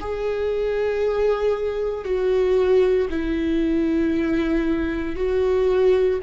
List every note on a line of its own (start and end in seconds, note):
0.00 2.05 G#4
2.05 3.08 F#4
3.10 5.16 E4
5.16 6.19 F#4